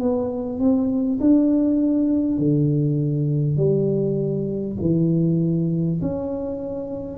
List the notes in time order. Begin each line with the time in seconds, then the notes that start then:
0.00 B3
0.59 C4
1.21 D4
2.38 D3
3.57 G3
4.81 E3
6.01 C#4